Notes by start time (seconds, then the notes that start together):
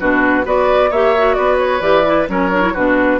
0.00 B2 D4 F#4 B4
0.45 B3 F#4 B4 D5
0.90 A#3 G4 C#5 E5
1.17 F#4
1.34 B3 B4 D5
1.58 C#5
1.81 E3 G4 D5
2.06 E4
2.28 F#3 C#4 A#4 C#5
2.52 D4
2.62 E4
2.74 B2 D4 F#4 B4